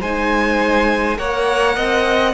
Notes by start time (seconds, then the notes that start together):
0.00 G#3 D#4 C5 G#5
1.16 A#3 A#4 C#5 F#5
1.76 C4 D#5